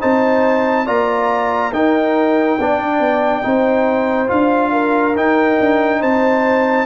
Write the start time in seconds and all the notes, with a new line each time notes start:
0.00 C4 D#4 C5 A5
0.86 A#3 F4 D5 A#5
1.72 D#4 A#4 G5
2.59 B3 D4 D5
2.78 D4
2.99 B3
3.43 C4 D#4 C5
4.27 D4 F4 F5
4.72 A#4
5.16 D#4 G5
5.60 D4
6.00 C4 C5 A5